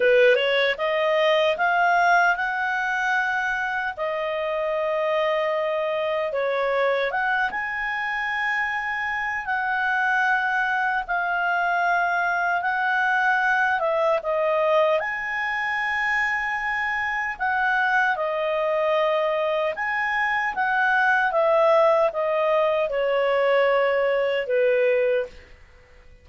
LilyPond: \new Staff \with { instrumentName = "clarinet" } { \time 4/4 \tempo 4 = 76 b'8 cis''8 dis''4 f''4 fis''4~ | fis''4 dis''2. | cis''4 fis''8 gis''2~ gis''8 | fis''2 f''2 |
fis''4. e''8 dis''4 gis''4~ | gis''2 fis''4 dis''4~ | dis''4 gis''4 fis''4 e''4 | dis''4 cis''2 b'4 | }